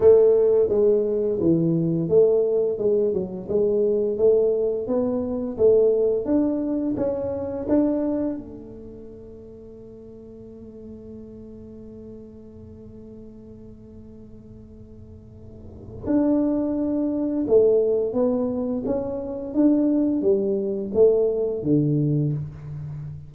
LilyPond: \new Staff \with { instrumentName = "tuba" } { \time 4/4 \tempo 4 = 86 a4 gis4 e4 a4 | gis8 fis8 gis4 a4 b4 | a4 d'4 cis'4 d'4 | a1~ |
a1~ | a2. d'4~ | d'4 a4 b4 cis'4 | d'4 g4 a4 d4 | }